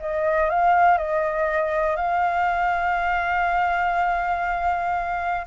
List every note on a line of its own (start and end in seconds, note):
0.00 0.50 D#5
0.50 0.98 F5
0.98 1.96 D#5
1.96 5.46 F5